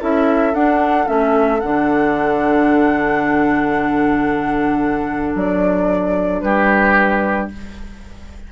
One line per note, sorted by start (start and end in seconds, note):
0.00 0.54 C#4
0.00 0.54 E4
0.00 6.43 A4
0.00 0.54 E5
0.54 1.07 D4
0.54 1.06 D4
0.54 1.08 F#5
1.06 1.62 A3
1.06 1.59 C#4
1.06 1.60 E5
1.60 5.35 D3
1.60 7.52 D4
1.60 5.35 F#5
5.35 6.42 F#3
5.35 6.41 D5
6.41 7.49 G3
6.41 7.51 G4
6.41 7.48 B4